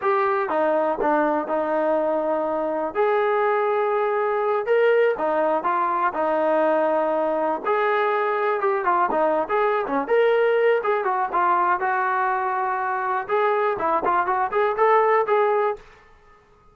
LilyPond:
\new Staff \with { instrumentName = "trombone" } { \time 4/4 \tempo 4 = 122 g'4 dis'4 d'4 dis'4~ | dis'2 gis'2~ | gis'4. ais'4 dis'4 f'8~ | f'8 dis'2. gis'8~ |
gis'4. g'8 f'8 dis'8. gis'8. | cis'8 ais'4. gis'8 fis'8 f'4 | fis'2. gis'4 | e'8 f'8 fis'8 gis'8 a'4 gis'4 | }